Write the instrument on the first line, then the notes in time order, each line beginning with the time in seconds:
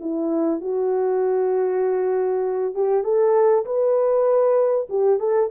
horn
0.00 E4
0.61 F#4
2.74 G4
3.04 A4
3.65 B4
4.89 G4
5.20 A4